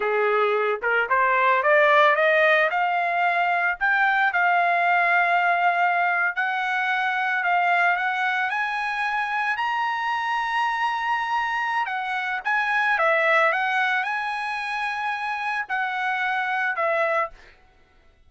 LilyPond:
\new Staff \with { instrumentName = "trumpet" } { \time 4/4 \tempo 4 = 111 gis'4. ais'8 c''4 d''4 | dis''4 f''2 g''4 | f''2.~ f''8. fis''16~ | fis''4.~ fis''16 f''4 fis''4 gis''16~ |
gis''4.~ gis''16 ais''2~ ais''16~ | ais''2 fis''4 gis''4 | e''4 fis''4 gis''2~ | gis''4 fis''2 e''4 | }